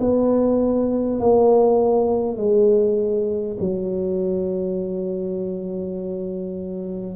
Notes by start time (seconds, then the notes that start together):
0.00 B3
1.20 A#3
2.37 G#3
3.60 F#3